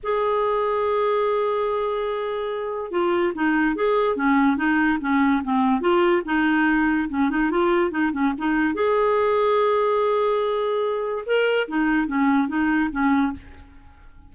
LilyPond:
\new Staff \with { instrumentName = "clarinet" } { \time 4/4 \tempo 4 = 144 gis'1~ | gis'2. f'4 | dis'4 gis'4 cis'4 dis'4 | cis'4 c'4 f'4 dis'4~ |
dis'4 cis'8 dis'8 f'4 dis'8 cis'8 | dis'4 gis'2.~ | gis'2. ais'4 | dis'4 cis'4 dis'4 cis'4 | }